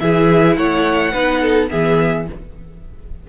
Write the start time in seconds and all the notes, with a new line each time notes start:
0.00 E3 E4 G#4 E5
0.56 A3 C#5 F#5
1.13 B3 D#4 B4
1.41 A4
1.69 E3 B3 G#4 E5